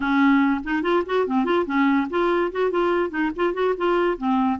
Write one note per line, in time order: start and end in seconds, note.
0.00 0.61 C#4
0.64 0.82 D#4
0.82 1.03 F4
1.05 1.26 F#4
1.26 1.45 C4
1.45 1.65 F4
1.66 2.07 C#4
2.10 2.51 F4
2.51 2.70 F#4
2.70 3.09 F4
3.09 3.30 D#4
3.36 3.53 F4
3.53 3.74 F#4
3.77 4.17 F4
4.17 4.59 C4